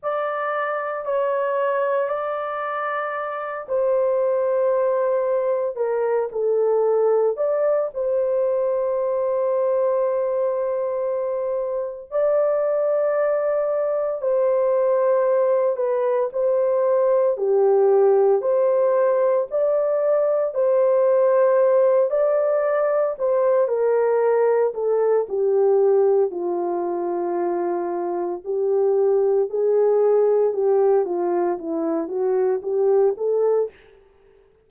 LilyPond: \new Staff \with { instrumentName = "horn" } { \time 4/4 \tempo 4 = 57 d''4 cis''4 d''4. c''8~ | c''4. ais'8 a'4 d''8 c''8~ | c''2.~ c''8 d''8~ | d''4. c''4. b'8 c''8~ |
c''8 g'4 c''4 d''4 c''8~ | c''4 d''4 c''8 ais'4 a'8 | g'4 f'2 g'4 | gis'4 g'8 f'8 e'8 fis'8 g'8 a'8 | }